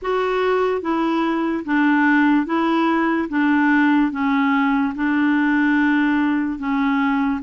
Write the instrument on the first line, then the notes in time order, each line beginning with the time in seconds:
clarinet
0.01 F#4
0.81 E4
1.65 D4
2.46 E4
3.29 D4
4.11 C#4
4.95 D4
6.58 C#4